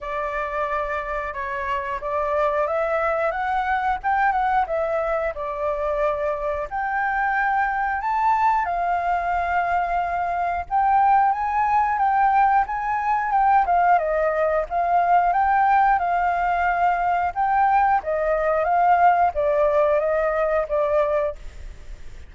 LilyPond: \new Staff \with { instrumentName = "flute" } { \time 4/4 \tempo 4 = 90 d''2 cis''4 d''4 | e''4 fis''4 g''8 fis''8 e''4 | d''2 g''2 | a''4 f''2. |
g''4 gis''4 g''4 gis''4 | g''8 f''8 dis''4 f''4 g''4 | f''2 g''4 dis''4 | f''4 d''4 dis''4 d''4 | }